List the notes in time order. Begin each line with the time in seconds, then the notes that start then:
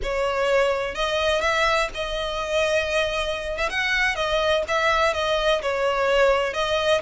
0.02 C#5
0.95 D#5
1.41 E5
1.94 D#5
3.57 E5
3.69 F#5
4.15 D#5
4.68 E5
5.13 D#5
5.62 C#5
6.53 D#5